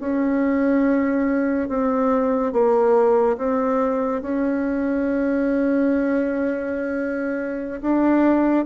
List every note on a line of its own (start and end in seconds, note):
0.00 1.69 C#4
1.69 2.53 C4
2.53 3.37 A#3
3.38 4.22 C4
4.22 7.81 C#4
7.81 8.66 D4